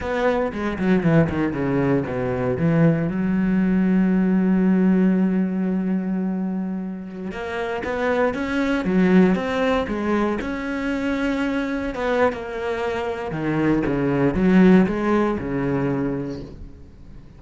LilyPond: \new Staff \with { instrumentName = "cello" } { \time 4/4 \tempo 4 = 117 b4 gis8 fis8 e8 dis8 cis4 | b,4 e4 fis2~ | fis1~ | fis2~ fis16 ais4 b8.~ |
b16 cis'4 fis4 c'4 gis8.~ | gis16 cis'2. b8. | ais2 dis4 cis4 | fis4 gis4 cis2 | }